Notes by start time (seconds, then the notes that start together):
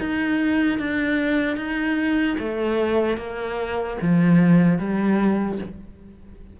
0.00 D#4
0.79 D4
1.57 D#4
2.39 A3
3.17 A#3
4.01 F3
4.79 G3